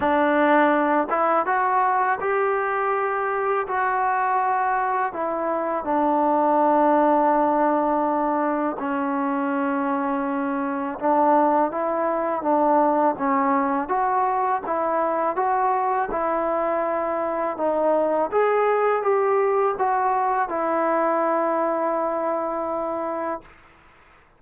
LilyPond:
\new Staff \with { instrumentName = "trombone" } { \time 4/4 \tempo 4 = 82 d'4. e'8 fis'4 g'4~ | g'4 fis'2 e'4 | d'1 | cis'2. d'4 |
e'4 d'4 cis'4 fis'4 | e'4 fis'4 e'2 | dis'4 gis'4 g'4 fis'4 | e'1 | }